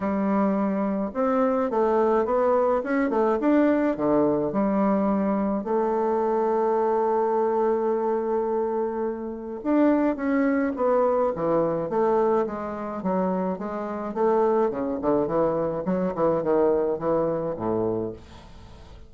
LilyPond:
\new Staff \with { instrumentName = "bassoon" } { \time 4/4 \tempo 4 = 106 g2 c'4 a4 | b4 cis'8 a8 d'4 d4 | g2 a2~ | a1~ |
a4 d'4 cis'4 b4 | e4 a4 gis4 fis4 | gis4 a4 cis8 d8 e4 | fis8 e8 dis4 e4 a,4 | }